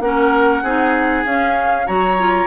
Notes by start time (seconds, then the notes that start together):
0.00 A#3 C#4 A#4 F#5
0.63 C4 D#4 G#4
1.25 C#4 F5
1.86 F#3 F#4 C#5 A#5
2.18 F4